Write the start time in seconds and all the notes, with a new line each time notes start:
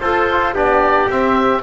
0.00 F4 A4 C5
0.33 F4
0.54 B3 D4 G4 D5
1.09 C4 E5